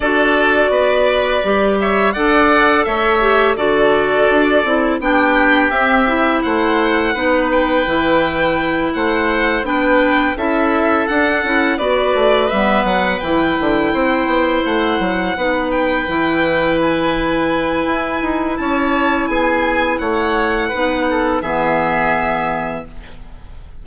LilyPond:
<<
  \new Staff \with { instrumentName = "violin" } { \time 4/4 \tempo 4 = 84 d''2~ d''8 e''8 fis''4 | e''4 d''2 g''4 | e''4 fis''4. g''4.~ | g''8 fis''4 g''4 e''4 fis''8~ |
fis''8 d''4 e''8 fis''8 g''4.~ | g''8 fis''4. g''4. gis''8~ | gis''2 a''4 gis''4 | fis''2 e''2 | }
  \new Staff \with { instrumentName = "oboe" } { \time 4/4 a'4 b'4. cis''8 d''4 | cis''4 a'2 g'4~ | g'4 c''4 b'2~ | b'8 c''4 b'4 a'4.~ |
a'8 b'2. c''8~ | c''4. b'2~ b'8~ | b'2 cis''4 gis'4 | cis''4 b'8 a'8 gis'2 | }
  \new Staff \with { instrumentName = "clarinet" } { \time 4/4 fis'2 g'4 a'4~ | a'8 g'8 fis'4. e'8 d'4 | c'8 e'4. dis'4 e'4~ | e'4. d'4 e'4 d'8 |
e'8 fis'4 b4 e'4.~ | e'4. dis'4 e'4.~ | e'1~ | e'4 dis'4 b2 | }
  \new Staff \with { instrumentName = "bassoon" } { \time 4/4 d'4 b4 g4 d'4 | a4 d4 d'8 c'8 b4 | c'4 a4 b4 e4~ | e8 a4 b4 cis'4 d'8 |
cis'8 b8 a8 g8 fis8 e8 d8 c'8 | b8 a8 fis8 b4 e4.~ | e4 e'8 dis'8 cis'4 b4 | a4 b4 e2 | }
>>